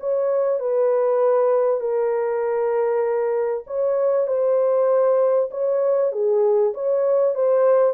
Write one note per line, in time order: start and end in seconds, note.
0.00 0.60 C#5
0.60 1.80 B4
1.80 3.64 A#4
3.67 4.27 C#5
4.27 5.49 C5
5.51 6.12 C#5
6.12 6.73 G#4
6.74 7.35 C#5
7.35 7.93 C5